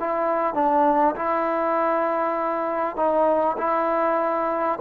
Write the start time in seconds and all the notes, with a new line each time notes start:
0.00 E4
0.55 D4
1.16 E4
2.96 D#4
3.58 E4